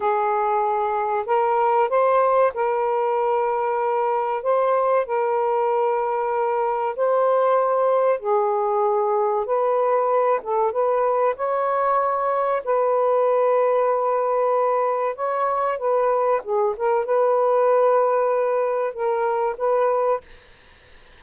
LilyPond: \new Staff \with { instrumentName = "saxophone" } { \time 4/4 \tempo 4 = 95 gis'2 ais'4 c''4 | ais'2. c''4 | ais'2. c''4~ | c''4 gis'2 b'4~ |
b'8 a'8 b'4 cis''2 | b'1 | cis''4 b'4 gis'8 ais'8 b'4~ | b'2 ais'4 b'4 | }